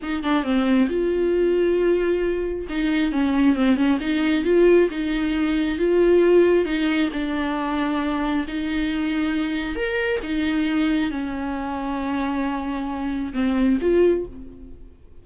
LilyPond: \new Staff \with { instrumentName = "viola" } { \time 4/4 \tempo 4 = 135 dis'8 d'8 c'4 f'2~ | f'2 dis'4 cis'4 | c'8 cis'8 dis'4 f'4 dis'4~ | dis'4 f'2 dis'4 |
d'2. dis'4~ | dis'2 ais'4 dis'4~ | dis'4 cis'2.~ | cis'2 c'4 f'4 | }